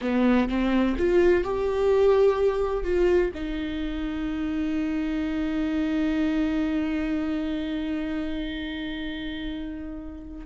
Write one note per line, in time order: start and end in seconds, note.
0.01 0.48 B3
0.48 0.96 C4
0.97 1.44 F4
1.44 2.83 G4
2.83 3.31 F4
3.34 10.45 D#4